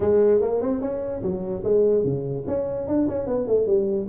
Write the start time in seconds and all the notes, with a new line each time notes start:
0.00 G#3
0.40 A#3
0.61 C4
0.81 C#4
1.22 F#3
1.64 G#3
2.04 C#3
2.47 C#4
2.87 D4
3.08 C#4
3.27 B3
3.47 A3
3.66 G3